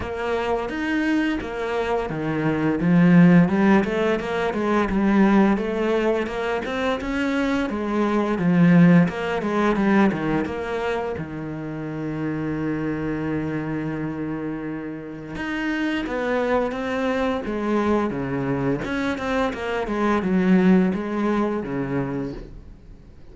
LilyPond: \new Staff \with { instrumentName = "cello" } { \time 4/4 \tempo 4 = 86 ais4 dis'4 ais4 dis4 | f4 g8 a8 ais8 gis8 g4 | a4 ais8 c'8 cis'4 gis4 | f4 ais8 gis8 g8 dis8 ais4 |
dis1~ | dis2 dis'4 b4 | c'4 gis4 cis4 cis'8 c'8 | ais8 gis8 fis4 gis4 cis4 | }